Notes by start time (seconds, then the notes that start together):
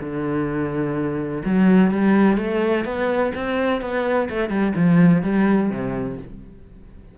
0.00 D3
1.45 F#3
1.91 G3
2.37 A3
2.85 B3
3.35 C4
3.82 B3
4.30 A3
4.49 G3
4.76 F3
5.23 G3
5.70 C3